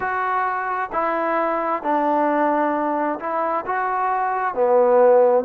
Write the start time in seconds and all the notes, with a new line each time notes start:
0.00 F#4
0.92 E4
1.83 D4
3.19 E4
3.66 F#4
4.54 B3